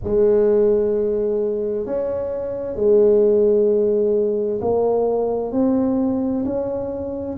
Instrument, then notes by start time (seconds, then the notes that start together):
tuba
0.03 G#3
1.85 C#4
2.75 G#3
4.61 A#3
5.52 C4
6.45 C#4